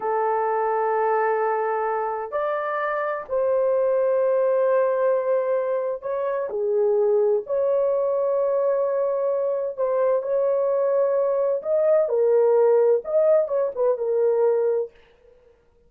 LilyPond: \new Staff \with { instrumentName = "horn" } { \time 4/4 \tempo 4 = 129 a'1~ | a'4 d''2 c''4~ | c''1~ | c''4 cis''4 gis'2 |
cis''1~ | cis''4 c''4 cis''2~ | cis''4 dis''4 ais'2 | dis''4 cis''8 b'8 ais'2 | }